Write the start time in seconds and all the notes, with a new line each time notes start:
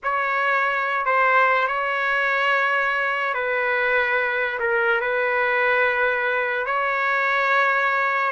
0.03 C#5
1.05 C5
1.67 C#5
3.33 B4
4.59 A#4
5.00 B4
6.66 C#5